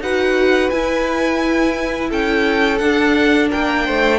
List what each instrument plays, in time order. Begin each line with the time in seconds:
0.00 cello D#4, viola F#4, violin B4 F#5
0.70 cello E4, viola E4, violin G#5
2.10 cello C#4, violin A4 G5
2.78 viola D4, cello D4, violin F#5
3.49 cello A#3, violin A#4 G5
3.85 cello A3, violin C5